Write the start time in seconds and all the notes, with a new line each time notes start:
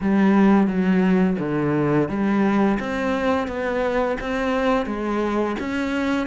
0.01 G3
0.67 F#3
1.39 D3
2.08 G3
2.79 C4
3.47 B3
4.20 C4
4.86 G#3
5.59 C#4